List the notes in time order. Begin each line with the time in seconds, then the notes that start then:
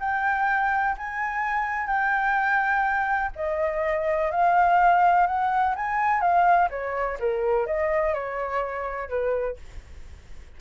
0.00 G5
0.98 G#5
1.87 G5
3.36 D#5
4.32 F5
5.27 F#5
5.76 G#5
6.21 F5
6.70 C#5
7.20 A#4
7.66 D#5
8.14 C#5
9.09 B4